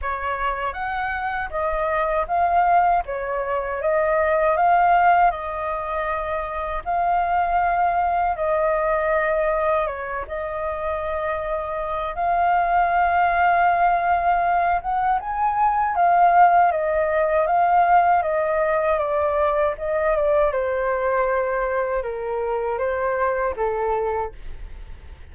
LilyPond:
\new Staff \with { instrumentName = "flute" } { \time 4/4 \tempo 4 = 79 cis''4 fis''4 dis''4 f''4 | cis''4 dis''4 f''4 dis''4~ | dis''4 f''2 dis''4~ | dis''4 cis''8 dis''2~ dis''8 |
f''2.~ f''8 fis''8 | gis''4 f''4 dis''4 f''4 | dis''4 d''4 dis''8 d''8 c''4~ | c''4 ais'4 c''4 a'4 | }